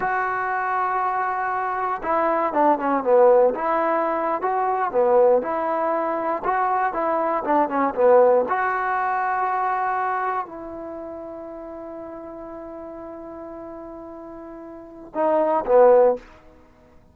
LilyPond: \new Staff \with { instrumentName = "trombone" } { \time 4/4 \tempo 4 = 119 fis'1 | e'4 d'8 cis'8 b4 e'4~ | e'8. fis'4 b4 e'4~ e'16~ | e'8. fis'4 e'4 d'8 cis'8 b16~ |
b8. fis'2.~ fis'16~ | fis'8. e'2.~ e'16~ | e'1~ | e'2 dis'4 b4 | }